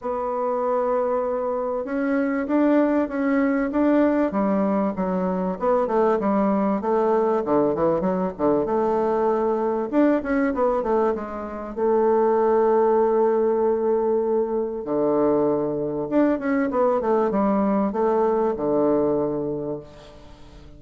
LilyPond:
\new Staff \with { instrumentName = "bassoon" } { \time 4/4 \tempo 4 = 97 b2. cis'4 | d'4 cis'4 d'4 g4 | fis4 b8 a8 g4 a4 | d8 e8 fis8 d8 a2 |
d'8 cis'8 b8 a8 gis4 a4~ | a1 | d2 d'8 cis'8 b8 a8 | g4 a4 d2 | }